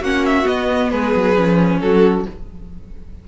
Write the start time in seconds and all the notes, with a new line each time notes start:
0.00 A#3 C#4 F#4 F#5
0.25 E5
0.44 B3 D#5
0.90 G#3 G#4 B4
1.14 F#3
1.36 F3 C#4
1.80 F#3 F#4 A4